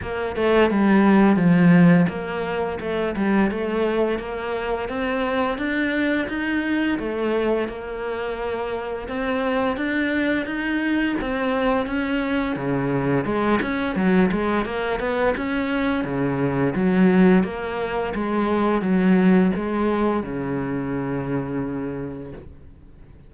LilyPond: \new Staff \with { instrumentName = "cello" } { \time 4/4 \tempo 4 = 86 ais8 a8 g4 f4 ais4 | a8 g8 a4 ais4 c'4 | d'4 dis'4 a4 ais4~ | ais4 c'4 d'4 dis'4 |
c'4 cis'4 cis4 gis8 cis'8 | fis8 gis8 ais8 b8 cis'4 cis4 | fis4 ais4 gis4 fis4 | gis4 cis2. | }